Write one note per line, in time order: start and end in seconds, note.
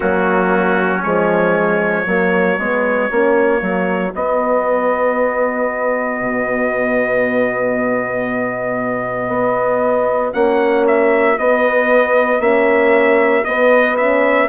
0.00 1.05 F#3
0.00 1.00 A#3
0.00 2.05 C#4
0.00 1.02 F#4
1.02 2.06 F3
1.02 2.06 G#3
1.02 4.13 C#5
2.05 2.58 F#3
2.05 2.58 A#3
2.05 14.46 F#4
2.58 3.09 G#3
2.58 3.11 B3
3.11 3.61 A#3
3.11 3.59 C#4
3.59 4.13 F#3
3.59 4.11 A#3
4.14 6.20 B3
4.14 10.32 B3
4.14 10.33 D#5
6.20 9.28 B2
9.28 10.31 B3
10.32 11.37 A#3
10.32 11.35 C#4
10.32 10.85 F#5
10.87 11.38 E5
11.38 12.40 B3
11.38 12.39 B3
11.38 12.41 D#5
12.39 13.43 A#3
12.39 13.43 C#4
12.39 13.44 E5
13.44 13.98 B3
13.44 14.48 B3
13.44 13.96 D#5
13.96 14.48 C#4
13.96 14.48 E5